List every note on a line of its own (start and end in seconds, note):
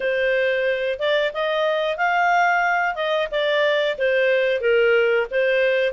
0.00 0.99 C5
0.99 1.32 D5
1.33 1.97 D#5
1.97 2.95 F5
2.95 3.28 D#5
3.31 3.97 D5
3.98 4.60 C5
4.60 5.26 A#4
5.30 5.92 C5